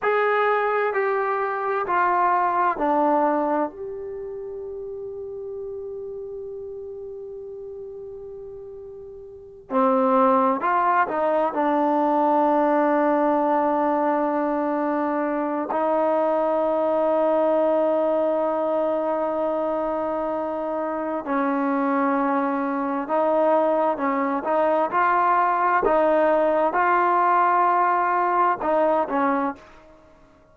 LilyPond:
\new Staff \with { instrumentName = "trombone" } { \time 4/4 \tempo 4 = 65 gis'4 g'4 f'4 d'4 | g'1~ | g'2~ g'8 c'4 f'8 | dis'8 d'2.~ d'8~ |
d'4 dis'2.~ | dis'2. cis'4~ | cis'4 dis'4 cis'8 dis'8 f'4 | dis'4 f'2 dis'8 cis'8 | }